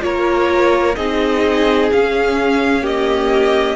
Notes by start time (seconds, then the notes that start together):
0.00 A#3 F4 A#4 C#5
0.95 C4 D#4 G#4 D#5
1.90 C#4 F5
2.82 A#3 G4 D#5